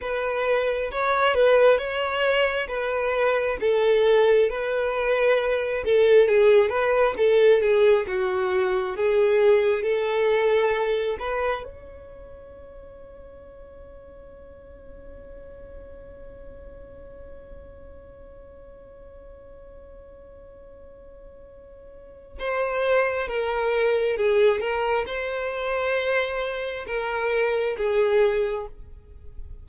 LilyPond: \new Staff \with { instrumentName = "violin" } { \time 4/4 \tempo 4 = 67 b'4 cis''8 b'8 cis''4 b'4 | a'4 b'4. a'8 gis'8 b'8 | a'8 gis'8 fis'4 gis'4 a'4~ | a'8 b'8 cis''2.~ |
cis''1~ | cis''1~ | cis''4 c''4 ais'4 gis'8 ais'8 | c''2 ais'4 gis'4 | }